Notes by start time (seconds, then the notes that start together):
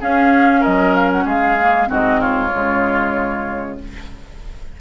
0.00 C#4 G#4 F5
0.60 F#3 A#4 D#5
0.95 F5
1.11 F#5
1.25 G#3 G#4 F5
1.60 A#3
1.86 G#2 C4 F#4 D#5
2.20 F4 C#5
2.52 C#3 G#3